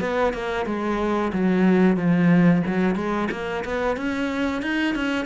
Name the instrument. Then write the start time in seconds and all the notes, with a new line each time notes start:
cello
0.00 B3
0.33 A#3
0.65 G#3
1.32 F#3
1.97 F3
2.66 F#3
2.95 G#3
3.31 A#3
3.64 B3
3.97 C#4
4.62 D#4
4.95 C#4